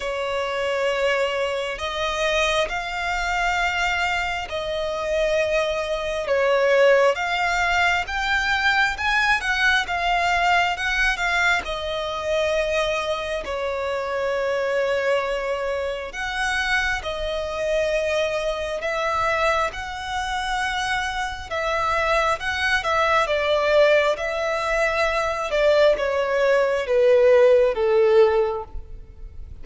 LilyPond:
\new Staff \with { instrumentName = "violin" } { \time 4/4 \tempo 4 = 67 cis''2 dis''4 f''4~ | f''4 dis''2 cis''4 | f''4 g''4 gis''8 fis''8 f''4 | fis''8 f''8 dis''2 cis''4~ |
cis''2 fis''4 dis''4~ | dis''4 e''4 fis''2 | e''4 fis''8 e''8 d''4 e''4~ | e''8 d''8 cis''4 b'4 a'4 | }